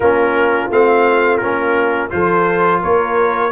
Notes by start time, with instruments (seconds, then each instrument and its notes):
0.00 tuba A#3, trombone C#4, horn F4, trumpet A#4
0.70 tuba A3, trombone C4, trumpet F5
1.37 tuba A#3, trombone C#4, trumpet A#4
2.10 tuba F3, trombone F4, horn A4, trumpet C5
2.80 tuba A#3, horn A#4, trumpet C#5